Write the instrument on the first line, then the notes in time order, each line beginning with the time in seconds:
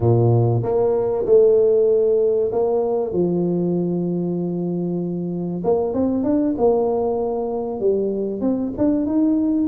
tuba
0.00 A#2
0.62 A#3
1.25 A3
2.52 A#3
3.12 F3
5.64 A#3
5.93 C4
6.23 D4
6.57 A#3
7.80 G3
8.40 C4
8.77 D4
9.06 D#4